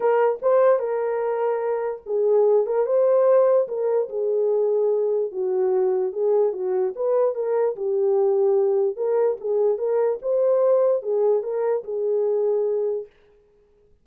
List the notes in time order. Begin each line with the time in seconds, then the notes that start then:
0.00 A#4
0.41 C5
0.79 A#4
2.06 G#4
2.66 A#4
2.86 C5
3.68 A#4
4.09 G#4
5.31 F#4
6.12 G#4
6.52 F#4
6.95 B4
7.35 A#4
7.76 G4
8.96 A#4
9.40 G#4
9.78 A#4
10.22 C5
11.02 G#4
11.42 A#4
11.84 G#4